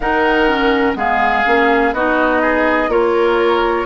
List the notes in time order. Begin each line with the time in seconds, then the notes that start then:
0.00 D#3 D#4 A#4 F#5
0.48 C#4
0.95 G#3 B3 G#4 F5
1.45 A#3 C#4
1.93 B3 D#4 F#4 D#5
2.41 G#4
2.88 A#3 F4 A#4 C#5